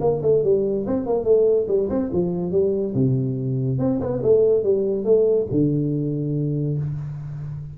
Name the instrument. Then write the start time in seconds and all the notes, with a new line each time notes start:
tuba
0.00 A#3
0.22 A3
0.43 G3
0.86 C4
1.06 A#3
1.24 A3
1.67 G3
1.89 C4
2.12 F3
2.51 G3
2.94 C3
3.78 C4
4.00 B3
4.23 A3
4.63 G3
5.04 A3
5.50 D3